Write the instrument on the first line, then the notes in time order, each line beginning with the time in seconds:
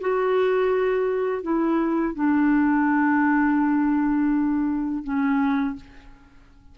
clarinet
0.00 F#4
1.42 E4
2.15 D4
5.03 C#4